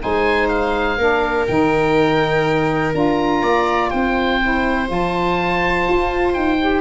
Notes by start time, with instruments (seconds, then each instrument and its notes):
0.00 tuba G#3, saxophone D#4, viola C5, oboe G#5
0.49 oboe F5
0.98 tuba A#3, saxophone D4, viola A#4
1.47 tuba D#3, saxophone D#4, oboe G5
2.94 tuba D4, saxophone F4, oboe A#5
3.42 tuba A#3, viola D5
3.90 tuba C4, viola C5, oboe G5
4.42 saxophone E4
4.86 tuba F3, saxophone F4
4.92 oboe A5
5.89 tuba F4
6.34 tuba D#4, oboe G5
6.60 saxophone G4